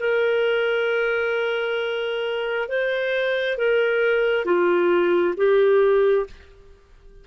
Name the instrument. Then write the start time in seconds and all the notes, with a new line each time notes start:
clarinet
0.00 A#4
2.69 C5
3.58 A#4
4.45 F4
5.37 G4